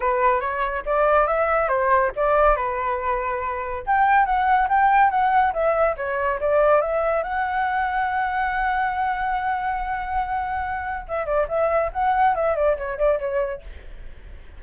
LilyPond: \new Staff \with { instrumentName = "flute" } { \time 4/4 \tempo 4 = 141 b'4 cis''4 d''4 e''4 | c''4 d''4 b'2~ | b'4 g''4 fis''4 g''4 | fis''4 e''4 cis''4 d''4 |
e''4 fis''2.~ | fis''1~ | fis''2 e''8 d''8 e''4 | fis''4 e''8 d''8 cis''8 d''8 cis''4 | }